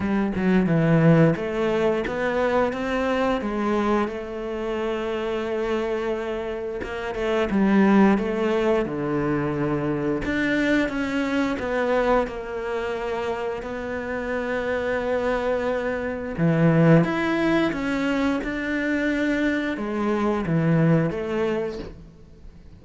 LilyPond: \new Staff \with { instrumentName = "cello" } { \time 4/4 \tempo 4 = 88 g8 fis8 e4 a4 b4 | c'4 gis4 a2~ | a2 ais8 a8 g4 | a4 d2 d'4 |
cis'4 b4 ais2 | b1 | e4 e'4 cis'4 d'4~ | d'4 gis4 e4 a4 | }